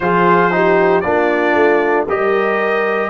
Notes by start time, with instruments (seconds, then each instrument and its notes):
0.00 tuba F3, trombone F4, horn G#4, trumpet C5
0.51 trombone D#4, horn G4
1.00 tuba A#3, trombone D4, horn F4, trumpet D5
1.55 tuba A3
2.08 tuba G3, trombone G4, horn A#4, trumpet D#5